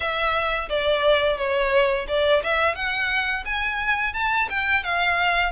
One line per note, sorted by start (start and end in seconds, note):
0.00 0.69 E5
0.69 1.37 D5
1.37 2.06 C#5
2.08 2.42 D5
2.43 2.75 E5
2.75 3.44 F#5
3.45 4.13 G#5
4.13 4.48 A5
4.49 4.83 G5
4.83 5.51 F5